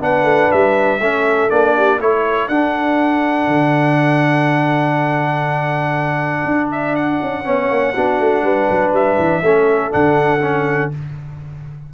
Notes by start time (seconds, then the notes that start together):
0.00 B3 D4 B4 F#5
0.23 A3
0.52 G3 E5
1.00 A3 C#4 A4
1.49 A#3 D4 D5
1.76 G4
2.00 A3 E4 A4 C#5
2.48 D4 F#5
3.48 D3
6.45 D4
6.71 E5
6.96 F#5
7.22 C#4
7.44 B3 C#4 C#5
7.70 A#3
7.94 B3 D4 F#4
8.19 A3
8.43 G3 B4
8.70 F#3
8.92 G3 E5
9.19 E3
9.42 A3 C#4 A4
9.91 D3 D4 F#5
10.42 C#4